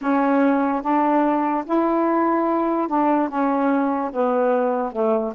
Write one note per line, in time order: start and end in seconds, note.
0.01 0.82 C#4
0.82 1.64 D4
1.65 2.88 E4
2.88 3.28 D4
3.28 4.11 C#4
4.12 4.92 B3
4.92 5.33 A3